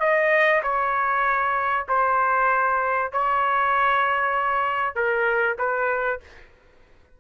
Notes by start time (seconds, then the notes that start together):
0.00 D#5
0.63 C#5
1.89 C5
3.12 C#5
4.95 A#4
5.58 B4